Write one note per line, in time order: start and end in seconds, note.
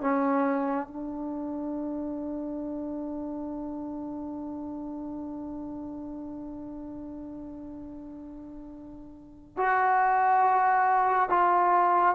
0.00 0.87 C#4
0.87 9.57 D4
9.57 11.29 F#4
11.29 12.15 F4